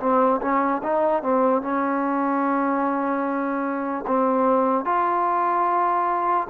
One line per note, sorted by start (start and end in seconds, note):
0.00 0.41 C4
0.41 0.82 C#4
0.83 1.23 D#4
1.23 1.62 C4
1.62 4.05 C#4
4.07 4.85 C4
4.85 6.48 F4